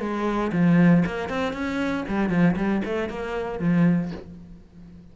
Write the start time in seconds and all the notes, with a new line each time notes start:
0.00 G#3
0.52 F3
1.06 A#3
1.29 C4
1.53 C#4
2.08 G3
2.30 F3
2.56 G3
2.85 A3
3.10 A#3
3.60 F3